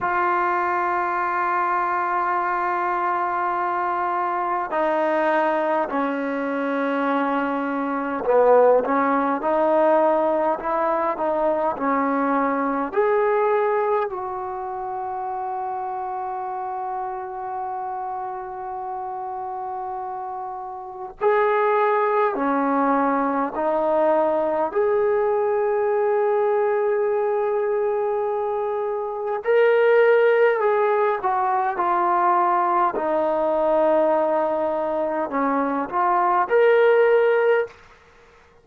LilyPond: \new Staff \with { instrumentName = "trombone" } { \time 4/4 \tempo 4 = 51 f'1 | dis'4 cis'2 b8 cis'8 | dis'4 e'8 dis'8 cis'4 gis'4 | fis'1~ |
fis'2 gis'4 cis'4 | dis'4 gis'2.~ | gis'4 ais'4 gis'8 fis'8 f'4 | dis'2 cis'8 f'8 ais'4 | }